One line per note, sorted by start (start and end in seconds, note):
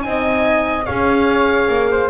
0.00 0.88 C4
0.00 0.83 D#4
0.00 0.85 G#5
0.08 0.86 D#5
0.85 1.68 C#4
0.85 2.10 G#4
0.85 1.89 C#5
0.85 2.09 F5
1.68 2.09 A#3
1.91 2.10 C5